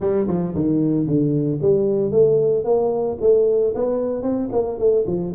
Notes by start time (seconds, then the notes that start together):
0.00 G3
0.27 F3
0.54 D#3
1.06 D3
1.61 G3
2.11 A3
2.64 A#3
3.21 A3
3.74 B3
4.22 C4
4.52 A#3
4.78 A3
5.06 F3